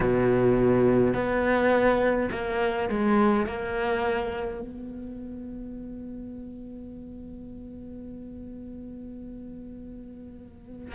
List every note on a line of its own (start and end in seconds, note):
0.00 1.13 B2
1.13 2.29 B3
2.31 2.88 A#3
2.89 3.46 G#3
3.46 4.61 A#3
4.61 10.95 B3